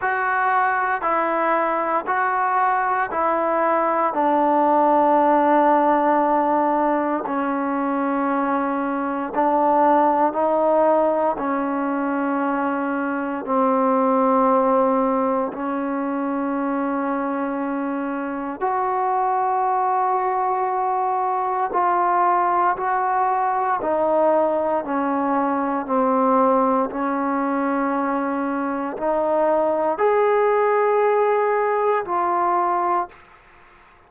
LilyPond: \new Staff \with { instrumentName = "trombone" } { \time 4/4 \tempo 4 = 58 fis'4 e'4 fis'4 e'4 | d'2. cis'4~ | cis'4 d'4 dis'4 cis'4~ | cis'4 c'2 cis'4~ |
cis'2 fis'2~ | fis'4 f'4 fis'4 dis'4 | cis'4 c'4 cis'2 | dis'4 gis'2 f'4 | }